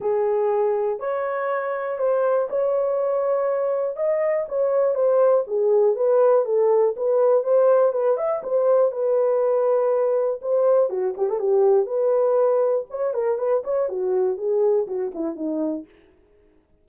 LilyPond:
\new Staff \with { instrumentName = "horn" } { \time 4/4 \tempo 4 = 121 gis'2 cis''2 | c''4 cis''2. | dis''4 cis''4 c''4 gis'4 | b'4 a'4 b'4 c''4 |
b'8 e''8 c''4 b'2~ | b'4 c''4 fis'8 g'16 a'16 g'4 | b'2 cis''8 ais'8 b'8 cis''8 | fis'4 gis'4 fis'8 e'8 dis'4 | }